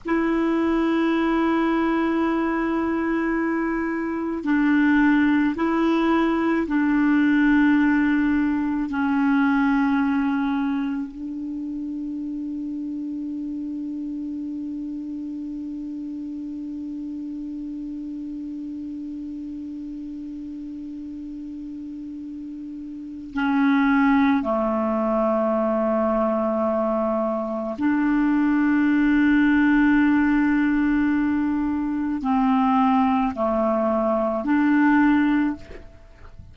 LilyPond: \new Staff \with { instrumentName = "clarinet" } { \time 4/4 \tempo 4 = 54 e'1 | d'4 e'4 d'2 | cis'2 d'2~ | d'1~ |
d'1~ | d'4 cis'4 a2~ | a4 d'2.~ | d'4 c'4 a4 d'4 | }